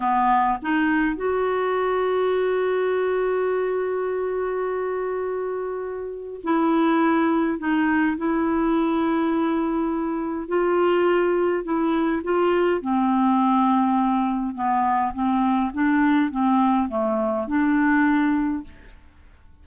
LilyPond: \new Staff \with { instrumentName = "clarinet" } { \time 4/4 \tempo 4 = 103 b4 dis'4 fis'2~ | fis'1~ | fis'2. e'4~ | e'4 dis'4 e'2~ |
e'2 f'2 | e'4 f'4 c'2~ | c'4 b4 c'4 d'4 | c'4 a4 d'2 | }